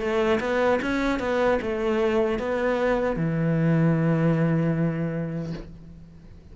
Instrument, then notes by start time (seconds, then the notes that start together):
cello
0.00 A3
0.41 B3
0.82 C#4
1.20 B3
1.62 A3
2.39 B3
3.17 E3